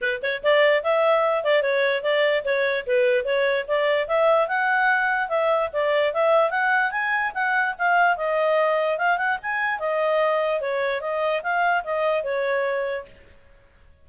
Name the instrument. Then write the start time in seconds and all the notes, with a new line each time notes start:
clarinet
0.01 B4
0.22 C#5
0.43 D5
0.83 E5
1.44 D5
1.62 C#5
2.02 D5
2.44 C#5
2.86 B4
3.24 C#5
3.67 D5
4.07 E5
4.47 F#5
5.28 E5
5.72 D5
6.13 E5
6.50 F#5
6.91 G#5
7.34 F#5
7.78 F5
8.16 D#5
8.98 F5
9.17 F#5
9.42 G#5
9.79 D#5
10.60 C#5
11.01 D#5
11.42 F5
11.84 D#5
12.23 C#5